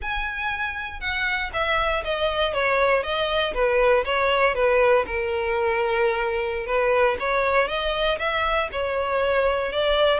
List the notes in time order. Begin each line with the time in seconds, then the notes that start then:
0.01 G#5
1.00 F#5
1.53 E5
2.04 D#5
2.53 C#5
3.03 D#5
3.54 B4
4.04 C#5
4.54 B4
5.06 A#4
6.66 B4
7.19 C#5
7.68 D#5
8.18 E5
8.72 C#5
9.72 D5